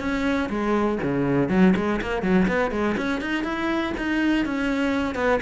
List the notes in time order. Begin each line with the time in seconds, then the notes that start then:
0.00 C#4
0.49 G#3
1.03 C#3
1.49 F#3
1.76 G#3
2.01 A#3
2.22 F#3
2.48 B3
2.71 G#3
2.97 C#4
3.21 D#4
3.44 E4
3.97 D#4
4.46 C#4
5.15 B3